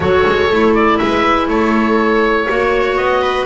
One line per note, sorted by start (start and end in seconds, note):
0.00 0.24 F#3
0.00 0.49 F#4
0.00 0.98 A4
0.00 0.74 C#5
0.26 0.50 G#3
0.50 0.99 A3
0.50 2.48 E4
0.74 0.98 D5
0.98 1.48 G#3
0.98 1.47 B4
0.98 1.47 E5
1.48 2.47 A3
1.48 2.49 A4
1.48 2.96 C#5
2.48 2.97 A#3
2.48 3.45 F#4
2.48 3.22 C#5
2.96 3.45 B3
2.96 3.45 D#5
3.22 3.45 B4